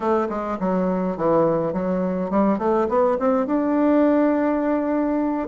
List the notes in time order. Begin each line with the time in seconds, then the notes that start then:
0.00 A3
0.29 G#3
0.59 F#3
1.17 E3
1.73 F#3
2.30 G3
2.58 A3
2.88 B3
3.19 C4
3.46 D4